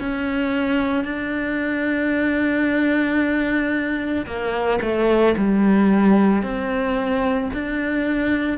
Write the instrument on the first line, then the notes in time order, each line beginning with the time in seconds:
cello
0.00 C#4
1.05 D4
4.26 A#3
4.82 A3
5.37 G3
6.43 C4
7.54 D4